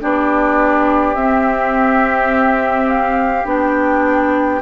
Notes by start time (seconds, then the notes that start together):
0.00 B3 D4 G4 D5
1.15 C4 E5
2.88 F5
3.45 B3 D4 G5